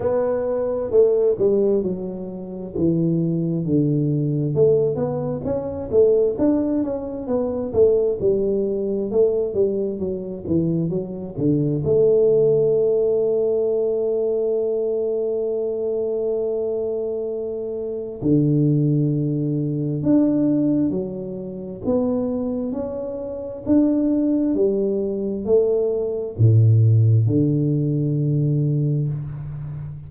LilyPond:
\new Staff \with { instrumentName = "tuba" } { \time 4/4 \tempo 4 = 66 b4 a8 g8 fis4 e4 | d4 a8 b8 cis'8 a8 d'8 cis'8 | b8 a8 g4 a8 g8 fis8 e8 | fis8 d8 a2.~ |
a1 | d2 d'4 fis4 | b4 cis'4 d'4 g4 | a4 a,4 d2 | }